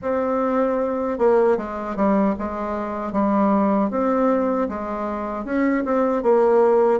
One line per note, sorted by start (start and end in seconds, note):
0.02 1.18 C4
1.18 1.57 A#3
1.57 1.96 G#3
1.96 2.34 G3
2.38 3.12 G#3
3.12 3.90 G3
3.90 4.68 C4
4.69 5.44 G#3
5.44 5.83 C#4
5.84 6.23 C4
6.23 7.00 A#3